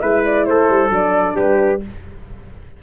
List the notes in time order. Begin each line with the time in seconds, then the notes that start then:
0.00 G#3 E4 B4 E5
0.24 D5
0.46 A3 A4 C5
0.70 G3
0.90 F#3 D4 D5
1.36 G3 G4 B4